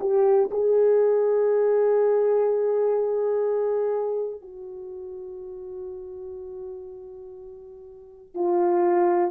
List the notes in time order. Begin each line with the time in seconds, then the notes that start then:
0.00 G4
0.51 G#4
4.41 F#4
8.35 F4